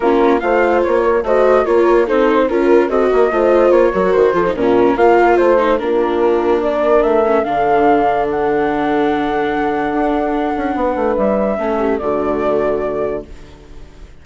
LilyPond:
<<
  \new Staff \with { instrumentName = "flute" } { \time 4/4 \tempo 4 = 145 ais'4 f''4 cis''4 dis''4 | cis''4 c''4 ais'4 dis''4~ | dis''4 cis''4 c''4 ais'4 | f''4 c''4 ais'2 |
d''4 e''4 f''2 | fis''1~ | fis''2. e''4~ | e''4 d''2. | }
  \new Staff \with { instrumentName = "horn" } { \time 4/4 f'4 c''4. ais'8 c''4 | ais'4 a'4 ais'4 a'8 ais'8 | c''4. ais'4 a'8 f'4 | ais'4 c''4 f'2 |
ais'2 a'2~ | a'1~ | a'2 b'2 | a'8 g'8 fis'2. | }
  \new Staff \with { instrumentName = "viola" } { \time 4/4 cis'4 f'2 fis'4 | f'4 dis'4 f'4 fis'4 | f'4. fis'4 f'16 dis'16 cis'4 | f'4. dis'8 d'2~ |
d'4. cis'8 d'2~ | d'1~ | d'1 | cis'4 a2. | }
  \new Staff \with { instrumentName = "bassoon" } { \time 4/4 ais4 a4 ais4 a4 | ais4 c'4 cis'4 c'8 ais8 | a4 ais8 fis8 dis8 f8 ais,4 | ais4 a4 ais2~ |
ais4 a4 d2~ | d1 | d'4. cis'8 b8 a8 g4 | a4 d2. | }
>>